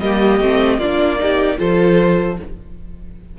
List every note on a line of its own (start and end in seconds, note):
0.00 0.40 G3
0.00 0.41 A#3
0.00 0.79 G4
0.00 0.79 D#5
0.40 0.79 A3
0.40 0.81 C4
0.79 1.58 A#3
0.79 1.19 D4
0.79 1.19 F4
0.79 1.58 D5
1.19 1.57 D#4
1.19 1.59 G4
1.57 2.39 F3
1.57 2.36 F4
1.57 2.38 A4
1.57 2.38 C5